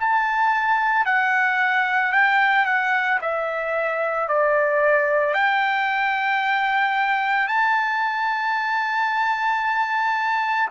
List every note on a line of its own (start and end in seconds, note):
0.00 1.05 A5
1.05 2.12 F#5
2.12 2.65 G5
2.65 3.19 F#5
3.21 4.28 E5
4.28 5.34 D5
5.34 7.48 G5
7.48 10.69 A5